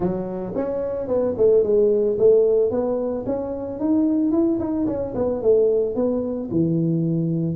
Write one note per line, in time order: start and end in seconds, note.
0.00 0.53 F#3
0.55 1.07 C#4
1.07 1.34 B3
1.37 1.63 A3
1.63 2.17 G#3
2.18 2.71 A3
2.71 3.25 B3
3.26 3.79 C#4
3.79 4.31 D#4
4.31 4.58 E4
4.59 4.86 D#4
4.86 5.14 C#4
5.14 5.42 B3
5.42 5.95 A3
5.95 6.49 B3
6.51 7.55 E3